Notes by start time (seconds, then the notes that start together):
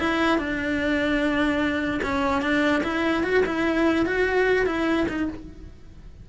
0.00 E4
0.39 D4
2.03 C#4
2.42 D4
2.84 E4
3.24 F#4
3.46 E4
4.06 F#4
4.67 E4
5.09 D#4